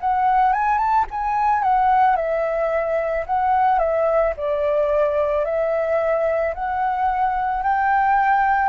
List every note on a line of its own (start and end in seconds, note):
0.00 0.53 F#5
0.53 0.78 G#5
0.78 1.05 A5
1.11 1.63 G#5
1.63 2.16 F#5
2.16 3.25 E5
3.26 3.78 F#5
3.78 4.33 E5
4.36 5.45 D5
5.45 6.54 E5
6.54 7.63 F#5
7.63 8.69 G5